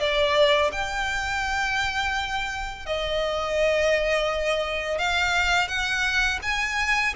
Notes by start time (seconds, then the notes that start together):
0.00 D5
0.72 G5
2.86 D#5
4.98 F5
5.68 F#5
6.43 G#5